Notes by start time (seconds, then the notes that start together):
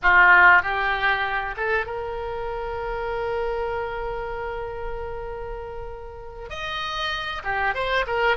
0.02 F4
0.62 G4
1.57 A4
1.86 A#4
6.49 D#5
7.44 G4
7.74 C5
8.06 A#4